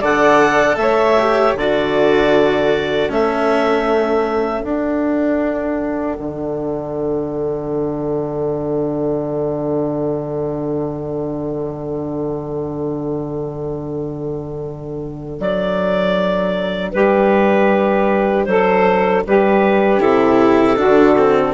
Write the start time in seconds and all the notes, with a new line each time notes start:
0.00 D3 A4 D5 F#5
0.76 A3 C#5 E5
1.19 G4
1.56 D3 F#4 A4 D5
3.09 A3 C#4 E5
4.63 D4 F#5
6.19 D3
15.40 F#3 D5
16.92 G3 G4 B4
18.44 F#3 A4 C5
19.27 G3 G4 B4
20.01 C3 E4 A4
20.77 D3 D4 F#4
21.18 C4